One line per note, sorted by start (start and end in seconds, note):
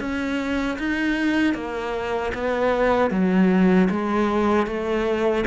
0.00 0.78 C#4
0.79 1.54 D#4
1.54 2.32 A#3
2.34 3.11 B3
3.11 3.89 F#3
3.90 4.67 G#3
4.67 5.45 A3